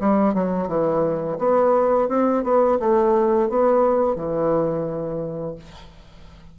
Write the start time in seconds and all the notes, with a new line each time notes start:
0.00 G3
0.34 F#3
0.68 E3
1.38 B3
2.08 C4
2.43 B3
2.79 A3
3.49 B3
4.15 E3